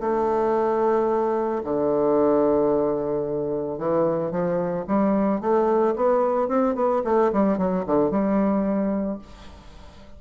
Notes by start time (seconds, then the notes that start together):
0.00 A3
1.63 D3
3.78 E3
4.31 F3
4.87 G3
5.40 A3
5.96 B3
6.48 C4
6.75 B3
7.04 A3
7.32 G3
7.57 F#3
7.86 D3
8.10 G3